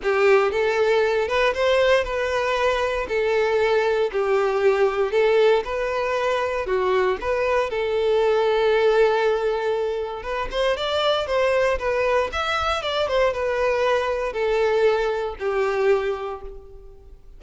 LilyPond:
\new Staff \with { instrumentName = "violin" } { \time 4/4 \tempo 4 = 117 g'4 a'4. b'8 c''4 | b'2 a'2 | g'2 a'4 b'4~ | b'4 fis'4 b'4 a'4~ |
a'1 | b'8 c''8 d''4 c''4 b'4 | e''4 d''8 c''8 b'2 | a'2 g'2 | }